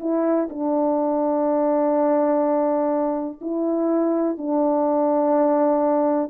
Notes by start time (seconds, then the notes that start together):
0.00 E4
0.50 D4
3.41 E4
4.38 D4